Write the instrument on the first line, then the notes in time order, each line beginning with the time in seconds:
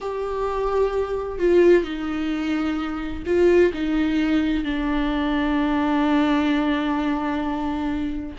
viola
0.01 G4
1.38 F4
1.83 D#4
3.26 F4
3.73 D#4
4.64 D4